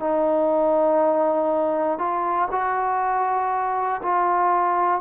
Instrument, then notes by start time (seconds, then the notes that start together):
trombone
0.00 D#4
1.99 F4
2.52 F#4
4.03 F4